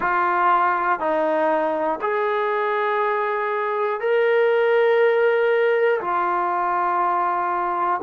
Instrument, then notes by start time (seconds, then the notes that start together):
trombone
0.00 F4
0.99 D#4
2.01 G#4
4.00 A#4
6.00 F4